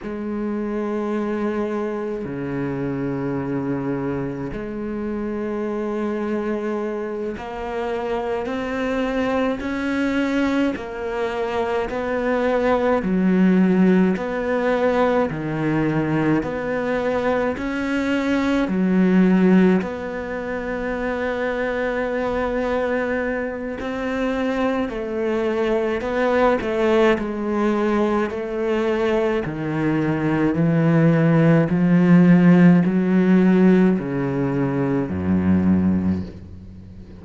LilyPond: \new Staff \with { instrumentName = "cello" } { \time 4/4 \tempo 4 = 53 gis2 cis2 | gis2~ gis8 ais4 c'8~ | c'8 cis'4 ais4 b4 fis8~ | fis8 b4 dis4 b4 cis'8~ |
cis'8 fis4 b2~ b8~ | b4 c'4 a4 b8 a8 | gis4 a4 dis4 e4 | f4 fis4 cis4 fis,4 | }